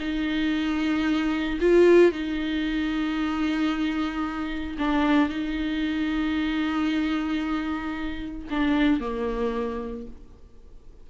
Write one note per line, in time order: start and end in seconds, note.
0.00 1.59 D#4
1.61 2.12 F4
2.12 4.77 D#4
4.78 5.29 D4
5.29 8.48 D#4
8.51 9.00 D4
9.00 10.06 A#3